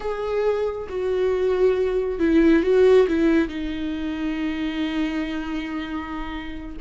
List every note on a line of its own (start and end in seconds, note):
0.00 0.87 G#4
0.88 2.19 F#4
2.19 2.63 E4
2.63 3.06 F#4
3.08 3.48 E4
3.48 6.76 D#4